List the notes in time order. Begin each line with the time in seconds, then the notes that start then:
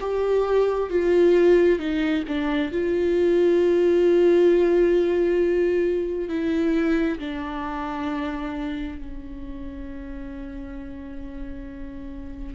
0.00 G4
0.90 F4
1.79 D#4
2.28 D4
2.72 F4
6.29 E4
7.19 D4
8.98 C#4